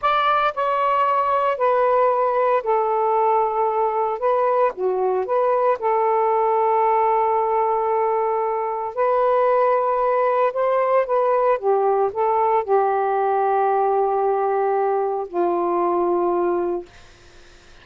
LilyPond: \new Staff \with { instrumentName = "saxophone" } { \time 4/4 \tempo 4 = 114 d''4 cis''2 b'4~ | b'4 a'2. | b'4 fis'4 b'4 a'4~ | a'1~ |
a'4 b'2. | c''4 b'4 g'4 a'4 | g'1~ | g'4 f'2. | }